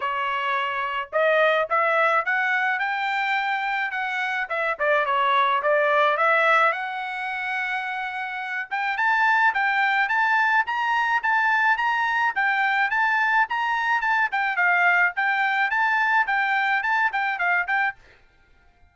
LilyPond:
\new Staff \with { instrumentName = "trumpet" } { \time 4/4 \tempo 4 = 107 cis''2 dis''4 e''4 | fis''4 g''2 fis''4 | e''8 d''8 cis''4 d''4 e''4 | fis''2.~ fis''8 g''8 |
a''4 g''4 a''4 ais''4 | a''4 ais''4 g''4 a''4 | ais''4 a''8 g''8 f''4 g''4 | a''4 g''4 a''8 g''8 f''8 g''8 | }